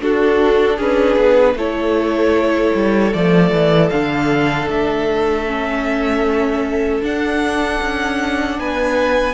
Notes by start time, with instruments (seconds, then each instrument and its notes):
0.00 viola D4, cello D4, violin F#4 A4
0.77 cello C#4, violin G#4 B4
1.16 cello B3
1.55 cello A3, viola E4, violin A4 C#5
2.75 cello G3
3.12 cello F3, viola A3, violin D5
3.51 cello E3
3.90 cello D3, viola D4, violin F5
4.68 cello A3, violin E5
5.47 viola C#4
7.02 viola D4, cello D4, violin F#5
7.81 cello C#4
8.59 cello B3, violin B4 G#5